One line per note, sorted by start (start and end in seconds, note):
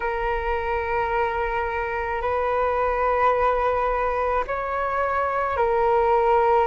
0.00 2.21 A#4
2.21 4.43 B4
4.47 5.56 C#5
5.56 6.67 A#4